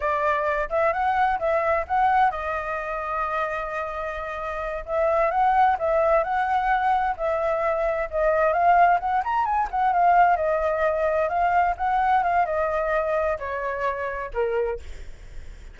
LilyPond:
\new Staff \with { instrumentName = "flute" } { \time 4/4 \tempo 4 = 130 d''4. e''8 fis''4 e''4 | fis''4 dis''2.~ | dis''2~ dis''8 e''4 fis''8~ | fis''8 e''4 fis''2 e''8~ |
e''4. dis''4 f''4 fis''8 | ais''8 gis''8 fis''8 f''4 dis''4.~ | dis''8 f''4 fis''4 f''8 dis''4~ | dis''4 cis''2 ais'4 | }